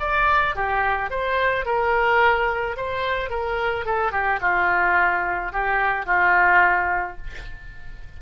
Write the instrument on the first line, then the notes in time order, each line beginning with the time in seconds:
oboe
0.00 D5
0.56 G4
1.11 C5
1.66 A#4
2.77 C5
3.30 A#4
3.86 A4
4.12 G4
4.41 F4
5.53 G4
6.06 F4